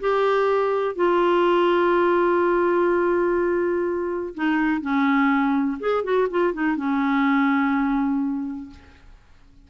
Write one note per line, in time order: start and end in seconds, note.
0.00 0.95 G4
0.95 4.34 F4
4.34 4.81 D#4
4.81 5.78 C#4
5.80 6.04 G#4
6.04 6.28 F#4
6.30 6.53 F4
6.53 6.77 D#4
6.77 8.70 C#4